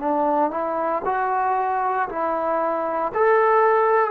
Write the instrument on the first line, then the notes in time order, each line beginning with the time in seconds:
trombone
0.00 D4
0.51 E4
1.06 F#4
2.09 E4
3.15 A4